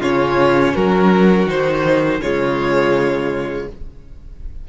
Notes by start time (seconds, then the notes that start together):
0.00 C#3 C#4 F4 C#5
0.74 F#3 F#4 A#4
1.46 D#3 D#4 C5
2.20 C#3 G#3 F4 C#5